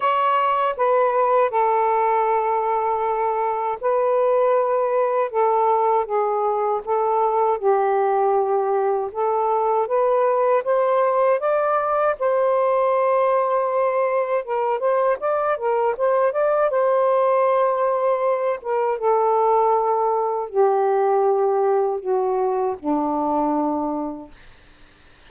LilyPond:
\new Staff \with { instrumentName = "saxophone" } { \time 4/4 \tempo 4 = 79 cis''4 b'4 a'2~ | a'4 b'2 a'4 | gis'4 a'4 g'2 | a'4 b'4 c''4 d''4 |
c''2. ais'8 c''8 | d''8 ais'8 c''8 d''8 c''2~ | c''8 ais'8 a'2 g'4~ | g'4 fis'4 d'2 | }